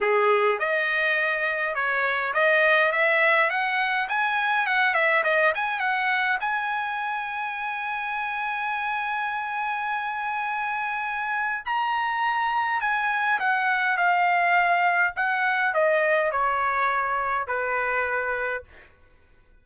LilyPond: \new Staff \with { instrumentName = "trumpet" } { \time 4/4 \tempo 4 = 103 gis'4 dis''2 cis''4 | dis''4 e''4 fis''4 gis''4 | fis''8 e''8 dis''8 gis''8 fis''4 gis''4~ | gis''1~ |
gis''1 | ais''2 gis''4 fis''4 | f''2 fis''4 dis''4 | cis''2 b'2 | }